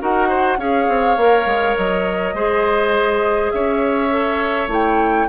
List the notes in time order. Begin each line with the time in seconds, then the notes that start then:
0.00 D#4 F#4 A#4 F#5
0.29 C5
0.58 C#4 G#4 C#5 F5
0.88 C4
1.17 A#3 A#4
1.46 G#3
1.77 F#3 D#5
2.34 G#3 G#4 C5
3.51 C#4 C#5 E5
4.10 A4
4.68 A3 E4 G5